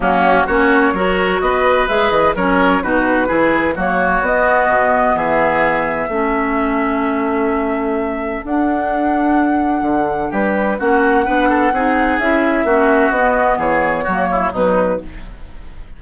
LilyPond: <<
  \new Staff \with { instrumentName = "flute" } { \time 4/4 \tempo 4 = 128 fis'4 cis''2 dis''4 | e''8 dis''8 cis''4 b'2 | cis''4 dis''2 e''4~ | e''1~ |
e''2 fis''2~ | fis''2 b'4 fis''4~ | fis''2 e''2 | dis''4 cis''2 b'4 | }
  \new Staff \with { instrumentName = "oboe" } { \time 4/4 cis'4 fis'4 ais'4 b'4~ | b'4 ais'4 fis'4 gis'4 | fis'2. gis'4~ | gis'4 a'2.~ |
a'1~ | a'2 g'4 fis'4 | b'8 a'8 gis'2 fis'4~ | fis'4 gis'4 fis'8 e'8 dis'4 | }
  \new Staff \with { instrumentName = "clarinet" } { \time 4/4 ais4 cis'4 fis'2 | gis'4 cis'4 dis'4 e'4 | ais4 b2.~ | b4 cis'2.~ |
cis'2 d'2~ | d'2. cis'4 | d'4 dis'4 e'4 cis'4 | b2 ais4 fis4 | }
  \new Staff \with { instrumentName = "bassoon" } { \time 4/4 fis4 ais4 fis4 b4 | gis8 e8 fis4 b,4 e4 | fis4 b4 b,4 e4~ | e4 a2.~ |
a2 d'2~ | d'4 d4 g4 ais4 | b4 c'4 cis'4 ais4 | b4 e4 fis4 b,4 | }
>>